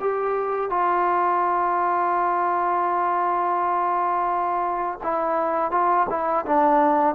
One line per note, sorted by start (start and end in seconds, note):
0.00 0.70 G4
0.70 4.99 F4
5.03 5.71 E4
5.71 6.07 F4
6.09 6.45 E4
6.46 7.15 D4